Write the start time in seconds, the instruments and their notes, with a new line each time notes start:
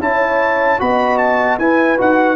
0.00 tuba C#4, trombone E4, horn C#5, trumpet A5
0.79 tuba B3, trombone F#4, horn D#5, trumpet B5
1.18 trumpet A5
1.59 tuba E4, trombone E4, horn B4, trumpet G#5
1.98 tuba D#4, trombone F#4, trumpet F#5